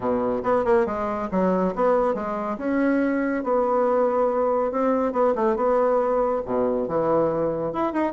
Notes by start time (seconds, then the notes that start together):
0.00 B2
0.43 B3
0.64 A#3
0.86 G#3
1.31 F#3
1.75 B3
2.14 G#3
2.57 C#4
3.43 B3
4.71 C4
5.12 B3
5.35 A3
5.56 B3
6.45 B2
6.87 E3
7.72 E4
7.93 D#4